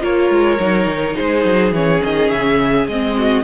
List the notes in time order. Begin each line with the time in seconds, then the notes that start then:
0.00 A#3 F4 A#4 C#5
0.30 G#3
0.59 F#3 D#4
0.86 D#3
1.15 G#3 G#4 C5
1.44 F#3
1.72 E3 C#4 C#5
2.03 D#3 D#5
2.30 C#3 E5
2.87 G#3 C4 D#5
3.17 F#4